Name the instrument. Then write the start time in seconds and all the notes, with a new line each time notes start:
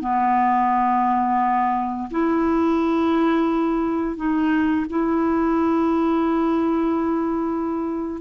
clarinet
0.00 B3
2.11 E4
4.16 D#4
4.89 E4